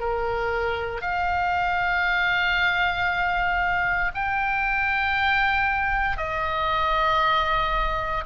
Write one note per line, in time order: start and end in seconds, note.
0.00 1.02 A#4
1.02 4.12 F5
4.15 6.18 G5
6.18 8.25 D#5